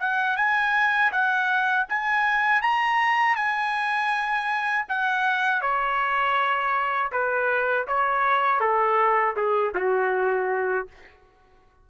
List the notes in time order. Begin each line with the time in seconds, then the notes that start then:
0.00 F#5
0.36 G#5
1.12 F#5
1.89 G#5
2.62 A#5
3.36 G#5
4.89 F#5
5.61 C#5
7.12 B4
7.88 C#5
8.60 A4
9.36 G#4
9.75 F#4